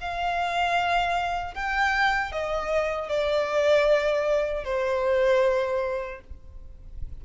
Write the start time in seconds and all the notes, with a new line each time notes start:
0.00 F5
1.54 G5
2.32 D#5
3.09 D5
4.64 C5